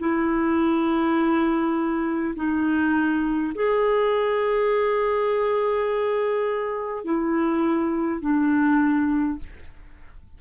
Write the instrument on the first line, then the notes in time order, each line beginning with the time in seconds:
clarinet
0.00 E4
2.36 D#4
3.55 G#4
7.05 E4
8.21 D4